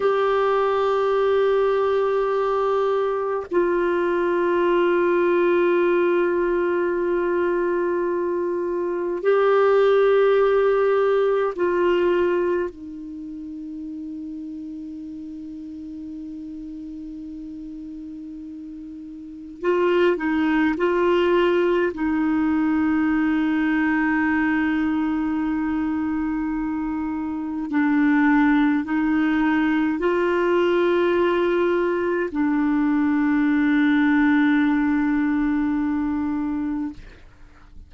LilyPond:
\new Staff \with { instrumentName = "clarinet" } { \time 4/4 \tempo 4 = 52 g'2. f'4~ | f'1 | g'2 f'4 dis'4~ | dis'1~ |
dis'4 f'8 dis'8 f'4 dis'4~ | dis'1 | d'4 dis'4 f'2 | d'1 | }